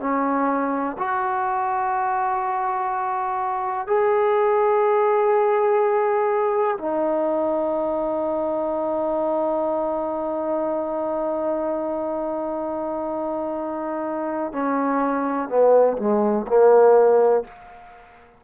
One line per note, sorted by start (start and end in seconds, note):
0.00 0.97 C#4
0.99 3.88 F#4
3.88 6.78 G#4
6.78 14.52 D#4
14.53 15.49 C#4
15.49 15.97 B3
15.98 16.46 G#3
16.48 17.45 A#3